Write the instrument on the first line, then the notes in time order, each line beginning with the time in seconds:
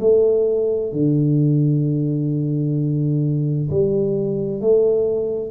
tuba
0.00 A3
0.93 D3
3.70 G3
4.61 A3